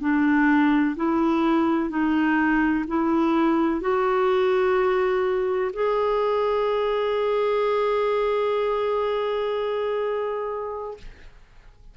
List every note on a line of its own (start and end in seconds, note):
0.00 0.95 D4
0.96 1.89 E4
1.89 2.84 D#4
2.87 3.81 E4
3.81 5.71 F#4
5.73 10.97 G#4